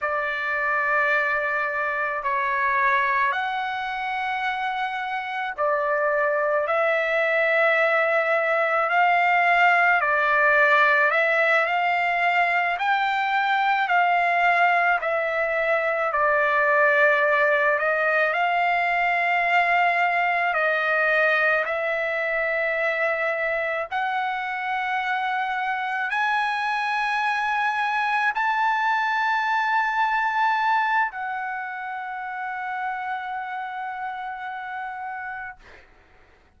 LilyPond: \new Staff \with { instrumentName = "trumpet" } { \time 4/4 \tempo 4 = 54 d''2 cis''4 fis''4~ | fis''4 d''4 e''2 | f''4 d''4 e''8 f''4 g''8~ | g''8 f''4 e''4 d''4. |
dis''8 f''2 dis''4 e''8~ | e''4. fis''2 gis''8~ | gis''4. a''2~ a''8 | fis''1 | }